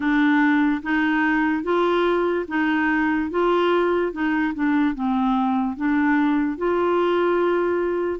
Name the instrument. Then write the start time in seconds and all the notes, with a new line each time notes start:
clarinet
0.00 D4
0.82 D#4
1.63 F4
2.48 D#4
3.30 F4
4.12 D#4
4.54 D4
4.95 C4
5.76 D4
6.57 F4